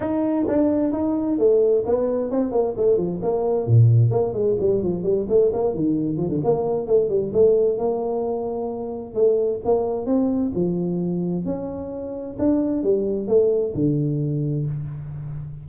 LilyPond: \new Staff \with { instrumentName = "tuba" } { \time 4/4 \tempo 4 = 131 dis'4 d'4 dis'4 a4 | b4 c'8 ais8 a8 f8 ais4 | ais,4 ais8 gis8 g8 f8 g8 a8 | ais8 dis4 f16 d16 ais4 a8 g8 |
a4 ais2. | a4 ais4 c'4 f4~ | f4 cis'2 d'4 | g4 a4 d2 | }